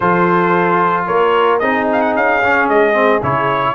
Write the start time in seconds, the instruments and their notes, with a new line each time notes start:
0.00 tuba F3, trombone F4, horn A4, trumpet C5
1.06 tuba A#3, horn A#4, trumpet C#5
1.59 tuba C4, trombone D#4, horn G#4, trumpet D#5
1.92 trumpet F5
2.01 trumpet F#5
2.15 tuba C#4, trumpet F5
2.43 trombone C#4
2.68 tuba G#3, trumpet D#5
2.93 trombone C4
3.22 tuba C#3, trombone E4, trumpet C#5